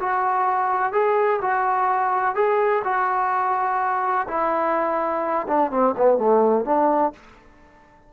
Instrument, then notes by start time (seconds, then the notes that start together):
trombone
0.00 F#4
0.93 G#4
1.41 F#4
2.35 G#4
2.84 F#4
4.28 E4
5.47 D4
5.71 C4
5.97 B3
6.18 A3
6.65 D4